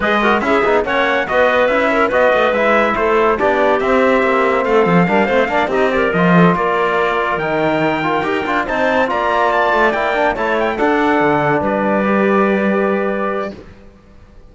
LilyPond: <<
  \new Staff \with { instrumentName = "trumpet" } { \time 4/4 \tempo 4 = 142 dis''4 e''4 fis''4 dis''4 | e''4 dis''4 e''4 c''4 | d''4 e''2 f''4~ | f''4. dis''8 d''8 dis''4 d''8~ |
d''4. g''2~ g''8~ | g''8 a''4 ais''4 a''4 g''8~ | g''8 a''8 g''8 fis''2 d''8~ | d''1 | }
  \new Staff \with { instrumentName = "clarinet" } { \time 4/4 b'8 ais'8 gis'4 cis''4 b'4~ | b'8 ais'8 b'2 a'4 | g'2. a'4 | ais'8 c''8 d''8 g'8 ais'4 a'8 ais'8~ |
ais'1~ | ais'8 c''4 d''2~ d''8~ | d''8 cis''4 a'2 b'8~ | b'1 | }
  \new Staff \with { instrumentName = "trombone" } { \time 4/4 gis'8 fis'8 e'8 dis'8 cis'4 fis'4 | e'4 fis'4 e'2 | d'4 c'2. | d'8 c'8 d'8 dis'8 g'8 f'4.~ |
f'4. dis'4. f'8 g'8 | f'8 dis'4 f'2 e'8 | d'8 e'4 d'2~ d'8~ | d'8 g'2.~ g'8 | }
  \new Staff \with { instrumentName = "cello" } { \time 4/4 gis4 cis'8 b8 ais4 b4 | cis'4 b8 a8 gis4 a4 | b4 c'4 ais4 a8 f8 | g8 a8 ais8 c'4 f4 ais8~ |
ais4. dis2 dis'8 | d'8 c'4 ais4. a8 ais8~ | ais8 a4 d'4 d4 g8~ | g1 | }
>>